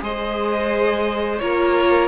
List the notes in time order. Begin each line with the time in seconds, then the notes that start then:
0.00 G#3 G#4 C5 D#5
1.39 A#3 F4 A#4 C#5